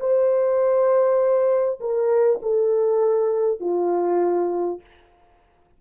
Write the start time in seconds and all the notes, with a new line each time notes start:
0.00 C5
1.80 A#4
2.42 A4
3.61 F4